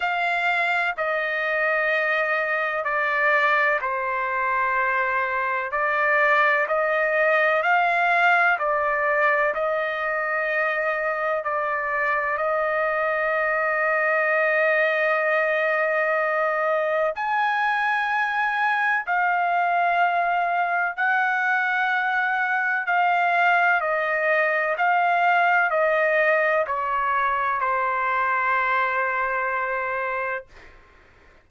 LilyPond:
\new Staff \with { instrumentName = "trumpet" } { \time 4/4 \tempo 4 = 63 f''4 dis''2 d''4 | c''2 d''4 dis''4 | f''4 d''4 dis''2 | d''4 dis''2.~ |
dis''2 gis''2 | f''2 fis''2 | f''4 dis''4 f''4 dis''4 | cis''4 c''2. | }